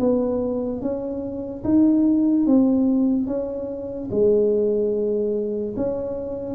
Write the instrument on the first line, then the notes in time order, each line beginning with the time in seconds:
tuba
0.00 B3
0.81 C#4
1.64 D#4
2.47 C4
3.27 C#4
4.11 G#3
5.76 C#4